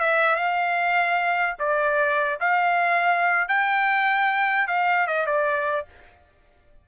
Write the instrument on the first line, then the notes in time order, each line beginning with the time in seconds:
trumpet
0.00 E5
0.36 F5
1.59 D5
2.41 F5
3.48 G5
4.68 F5
5.07 D#5
5.26 D5